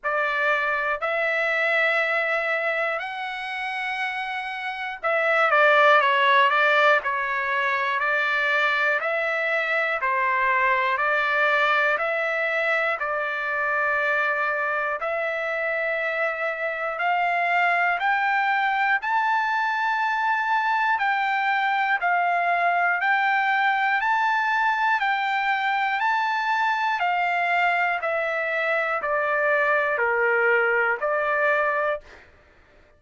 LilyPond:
\new Staff \with { instrumentName = "trumpet" } { \time 4/4 \tempo 4 = 60 d''4 e''2 fis''4~ | fis''4 e''8 d''8 cis''8 d''8 cis''4 | d''4 e''4 c''4 d''4 | e''4 d''2 e''4~ |
e''4 f''4 g''4 a''4~ | a''4 g''4 f''4 g''4 | a''4 g''4 a''4 f''4 | e''4 d''4 ais'4 d''4 | }